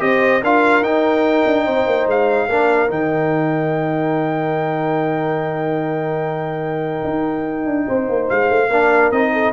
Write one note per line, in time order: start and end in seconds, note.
0.00 0.43 C4
0.00 0.41 G4
0.00 0.43 C5
0.00 0.43 D#5
0.43 0.82 D4
0.43 0.84 F4
0.43 1.65 A#4
0.43 0.84 F5
0.82 1.44 D#4
0.82 2.49 D#4
0.82 2.08 G5
1.47 1.67 D4
1.65 1.87 C4
1.65 2.48 C5
1.87 2.07 A#3
2.07 2.48 G#3
2.07 2.91 F5
2.49 2.90 A#3
2.49 2.88 D4
2.49 7.88 A#4
2.88 7.04 D#3
2.88 8.67 D#4
2.88 8.29 G5
7.04 7.66 D#4
7.66 7.87 D4
7.88 8.09 C4
7.88 8.71 C5
8.09 8.30 A#3
8.30 8.50 G#3
8.30 9.12 F5
8.50 8.69 A3
8.69 9.11 A#3
8.69 9.13 D4
8.69 9.33 A#4
9.12 9.53 C4
9.12 9.53 D#4
9.12 9.53 D#5
9.33 9.53 A4